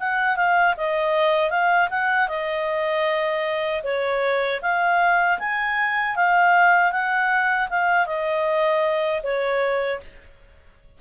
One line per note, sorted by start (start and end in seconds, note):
0.00 0.37 F#5
0.37 0.75 F5
0.78 1.51 D#5
1.51 1.89 F5
1.91 2.29 F#5
2.29 3.83 D#5
3.84 4.61 C#5
4.62 5.39 F5
5.39 6.16 G#5
6.16 6.92 F5
6.92 7.69 F#5
7.70 8.07 F5
8.07 9.22 D#5
9.23 10.00 C#5